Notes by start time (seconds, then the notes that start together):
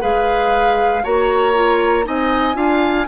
0.00 G#3 G#4 B4 F5
1.03 A#3 F#4 C#5 A#5
1.54 F4
2.03 C4 D#4 D#5 G#5
2.53 D4 F4 F5